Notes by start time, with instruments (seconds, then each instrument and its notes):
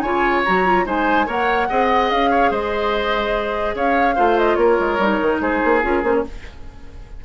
0.00 bassoon C#3, clarinet F4, oboe C#5, flute G#5
0.45 bassoon F#3, clarinet F#4, flute A#5
0.65 clarinet F4
0.86 bassoon G#3, clarinet D#4, oboe C5, flute G#5
1.26 bassoon A#3, clarinet A#4, oboe C#5, flute F#5
1.69 bassoon C4, clarinet G#4, oboe D#5
2.11 bassoon C#4, flute F5
2.31 oboe C#5
2.51 bassoon G#3, oboe C5, flute D#5
3.75 bassoon C#4, oboe C#5, flute F5
4.16 bassoon A3, clarinet F4, oboe C5
4.39 flute D#5
4.56 bassoon A#3, oboe A#4, flute C#5
4.80 bassoon G#3
4.99 bassoon G3, clarinet D#4
5.21 bassoon D#3
5.41 bassoon G#3, oboe G#4, flute C5
5.65 bassoon A#3
5.83 bassoon C#4, clarinet F4, flute A#4
6.03 bassoon A#3, clarinet C#4, flute C5
6.15 flute C#5